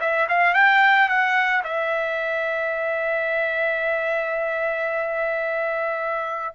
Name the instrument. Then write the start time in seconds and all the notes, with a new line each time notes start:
trumpet
0.00 E5
0.28 F5
0.54 G5
1.09 F#5
1.64 E5